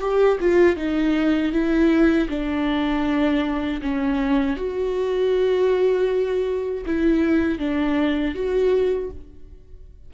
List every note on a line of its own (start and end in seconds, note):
0.00 0.38 G4
0.40 0.76 F4
0.76 1.52 D#4
1.52 2.28 E4
2.29 3.80 D4
3.81 4.56 C#4
4.56 6.84 F#4
6.85 7.58 E4
7.58 8.34 D4
8.34 9.10 F#4